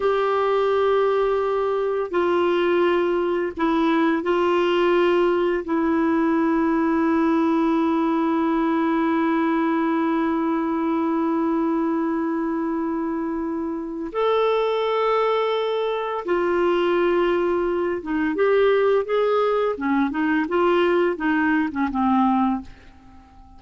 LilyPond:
\new Staff \with { instrumentName = "clarinet" } { \time 4/4 \tempo 4 = 85 g'2. f'4~ | f'4 e'4 f'2 | e'1~ | e'1~ |
e'1 | a'2. f'4~ | f'4. dis'8 g'4 gis'4 | cis'8 dis'8 f'4 dis'8. cis'16 c'4 | }